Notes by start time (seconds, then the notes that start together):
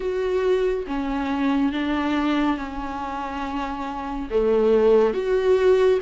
0.00 F#4
0.86 C#4
1.72 D4
2.57 C#4
4.30 A3
5.13 F#4